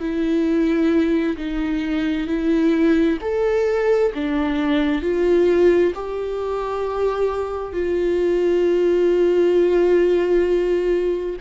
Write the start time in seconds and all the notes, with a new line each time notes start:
0.00 E4
1.37 D#4
2.27 E4
3.21 A4
4.14 D4
5.02 F4
5.95 G4
7.73 F4